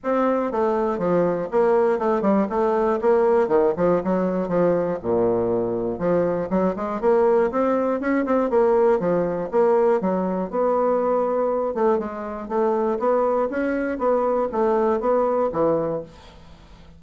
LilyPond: \new Staff \with { instrumentName = "bassoon" } { \time 4/4 \tempo 4 = 120 c'4 a4 f4 ais4 | a8 g8 a4 ais4 dis8 f8 | fis4 f4 ais,2 | f4 fis8 gis8 ais4 c'4 |
cis'8 c'8 ais4 f4 ais4 | fis4 b2~ b8 a8 | gis4 a4 b4 cis'4 | b4 a4 b4 e4 | }